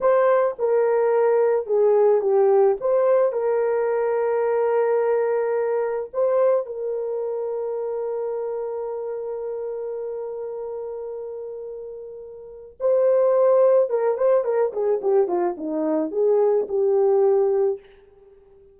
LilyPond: \new Staff \with { instrumentName = "horn" } { \time 4/4 \tempo 4 = 108 c''4 ais'2 gis'4 | g'4 c''4 ais'2~ | ais'2. c''4 | ais'1~ |
ais'1~ | ais'2. c''4~ | c''4 ais'8 c''8 ais'8 gis'8 g'8 f'8 | dis'4 gis'4 g'2 | }